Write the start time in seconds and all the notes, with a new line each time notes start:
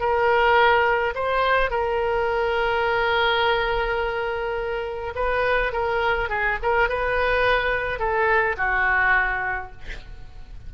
0.00 A#4
1.15 C5
1.71 A#4
5.15 B4
5.72 A#4
6.29 G#4
6.63 A#4
6.89 B4
7.99 A4
8.57 F#4